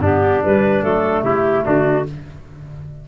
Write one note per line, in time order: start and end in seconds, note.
0.00 0.41 G2
0.00 0.42 B3
0.00 1.25 D4
0.00 0.44 G4
0.42 0.82 G3
0.42 0.84 G3
0.42 0.83 B4
0.82 1.23 F#3
0.82 2.05 A3
0.82 1.24 A4
1.23 1.64 C#3
1.23 1.66 E4
1.23 1.65 G4
1.65 2.08 D3
1.65 2.07 D4
1.65 2.06 F#4